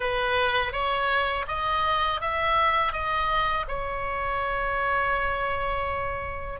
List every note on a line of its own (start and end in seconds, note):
0.00 0.72 B4
0.72 1.45 C#5
1.47 2.20 D#5
2.21 2.92 E5
2.92 3.65 D#5
3.68 6.60 C#5